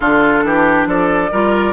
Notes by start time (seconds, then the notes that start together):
0.00 D3 D4 F4 A4
0.43 E3 G4
0.86 F3 A4 D5
1.31 G3 F4 A#4